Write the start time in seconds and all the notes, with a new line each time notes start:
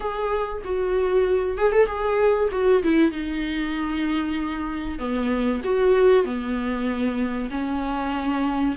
0.00 G#4
0.64 F#4
1.57 G#4
1.72 A4
1.86 G#4
2.51 F#4
2.83 E4
3.11 D#4
4.98 B3
5.64 F#4
6.24 B3
7.50 C#4